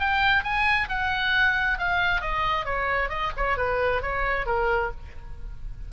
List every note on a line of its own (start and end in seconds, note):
0.00 0.44 G5
0.44 0.89 G#5
0.89 1.79 F#5
1.79 2.21 F5
2.21 2.65 D#5
2.65 3.10 C#5
3.10 3.32 D#5
3.37 3.57 C#5
3.57 4.02 B4
4.02 4.46 C#5
4.46 4.91 A#4